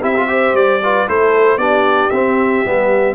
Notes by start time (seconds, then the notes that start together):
0.00 C4 E4 G4 E5
0.16 F4
0.27 G4 C5
0.53 G3 D5
0.82 F4 B4
1.07 A3 E4 A4 C5
1.57 B3 D4 G4 D5
2.10 C4 E5
2.64 G3 B3